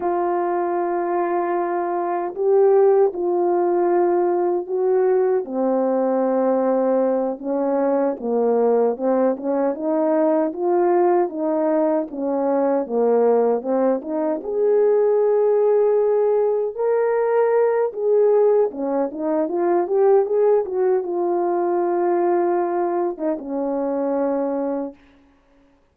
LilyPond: \new Staff \with { instrumentName = "horn" } { \time 4/4 \tempo 4 = 77 f'2. g'4 | f'2 fis'4 c'4~ | c'4. cis'4 ais4 c'8 | cis'8 dis'4 f'4 dis'4 cis'8~ |
cis'8 ais4 c'8 dis'8 gis'4.~ | gis'4. ais'4. gis'4 | cis'8 dis'8 f'8 g'8 gis'8 fis'8 f'4~ | f'4.~ f'16 dis'16 cis'2 | }